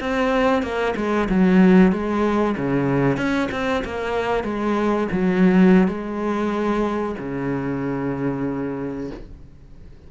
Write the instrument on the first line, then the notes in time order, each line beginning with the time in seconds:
cello
0.00 C4
0.62 A#3
0.96 G#3
1.29 F#3
1.92 G#3
2.57 C#3
3.17 C#4
3.51 C4
3.84 A#3
4.44 G#3
5.12 F#3
5.87 G#3
7.19 C#3